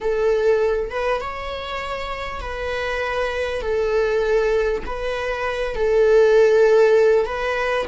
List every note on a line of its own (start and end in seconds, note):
0.01 0.90 A4
0.90 1.20 B4
1.20 2.40 C#5
2.40 3.61 B4
3.61 4.83 A4
4.86 5.75 B4
5.75 7.25 A4
7.25 7.86 B4